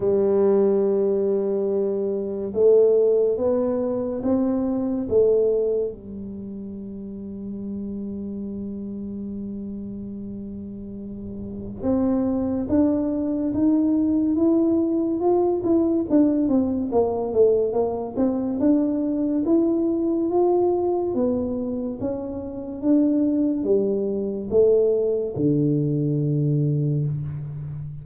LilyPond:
\new Staff \with { instrumentName = "tuba" } { \time 4/4 \tempo 4 = 71 g2. a4 | b4 c'4 a4 g4~ | g1~ | g2 c'4 d'4 |
dis'4 e'4 f'8 e'8 d'8 c'8 | ais8 a8 ais8 c'8 d'4 e'4 | f'4 b4 cis'4 d'4 | g4 a4 d2 | }